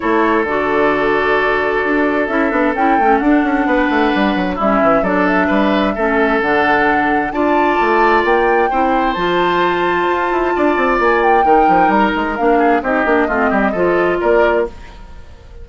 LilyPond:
<<
  \new Staff \with { instrumentName = "flute" } { \time 4/4 \tempo 4 = 131 cis''4 d''2.~ | d''4 e''4 g''4 fis''4~ | fis''2 e''4 d''8 e''8~ | e''2 fis''2 |
a''2 g''2 | a''1 | gis''8 g''4. ais''4 f''4 | dis''2. d''4 | }
  \new Staff \with { instrumentName = "oboe" } { \time 4/4 a'1~ | a'1 | b'2 e'4 a'4 | b'4 a'2. |
d''2. c''4~ | c''2. d''4~ | d''4 ais'2~ ais'8 gis'8 | g'4 f'8 g'8 a'4 ais'4 | }
  \new Staff \with { instrumentName = "clarinet" } { \time 4/4 e'4 fis'2.~ | fis'4 e'8 d'8 e'8 cis'8 d'4~ | d'2 cis'4 d'4~ | d'4 cis'4 d'2 |
f'2. e'4 | f'1~ | f'4 dis'2 d'4 | dis'8 d'8 c'4 f'2 | }
  \new Staff \with { instrumentName = "bassoon" } { \time 4/4 a4 d2. | d'4 cis'8 b8 cis'8 a8 d'8 cis'8 | b8 a8 g8 fis8 g8 e8 fis4 | g4 a4 d2 |
d'4 a4 ais4 c'4 | f2 f'8 e'8 d'8 c'8 | ais4 dis8 f8 g8 gis8 ais4 | c'8 ais8 a8 g8 f4 ais4 | }
>>